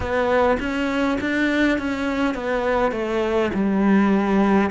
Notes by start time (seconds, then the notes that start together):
0.00 B3
0.59 C#4
1.20 D4
1.78 C#4
2.34 B3
2.91 A3
3.53 G3